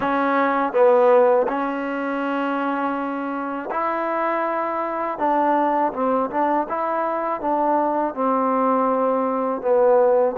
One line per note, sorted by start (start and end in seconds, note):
0.00 0.72 C#4
0.72 1.46 B3
1.47 3.69 C#4
3.70 5.18 E4
5.18 5.92 D4
5.93 6.30 C4
6.30 6.67 D4
6.68 7.40 E4
7.40 8.14 D4
8.14 9.61 C4
9.61 10.35 B3